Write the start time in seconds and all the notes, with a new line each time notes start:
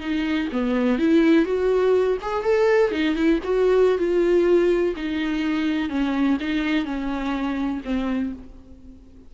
0.00 D#4
0.52 B3
0.98 E4
1.45 F#4
2.22 G#4
2.43 A4
2.91 D#4
3.15 E4
3.43 F#4
3.98 F4
4.96 D#4
5.89 C#4
6.40 D#4
6.85 C#4
7.84 C4